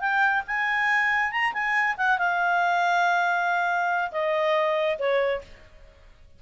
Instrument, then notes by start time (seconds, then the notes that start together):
clarinet
0.00 G5
0.47 G#5
1.31 A#5
1.53 G#5
1.97 F#5
2.18 F5
4.12 D#5
4.99 C#5